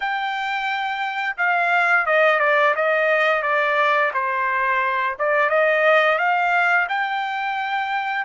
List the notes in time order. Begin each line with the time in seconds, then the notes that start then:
0.00 G5
1.37 F5
2.06 D#5
2.39 D5
2.75 D#5
3.42 D5
4.13 C5
5.18 D5
5.49 D#5
6.18 F5
6.88 G5